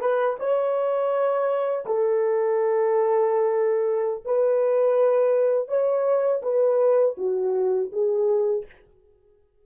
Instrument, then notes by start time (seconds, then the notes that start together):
horn
0.00 B4
0.39 C#5
1.86 A4
4.24 B4
5.68 C#5
6.42 B4
7.17 F#4
7.92 G#4